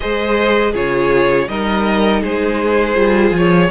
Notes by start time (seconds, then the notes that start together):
0.00 G#3 G#4 C5 D#5
0.71 C#3 F4 G#4 C#5
1.48 G3 D#4 A#4 D#5
2.21 G#3 G#4 C5
2.95 G3 F4
3.30 F3
3.37 C#5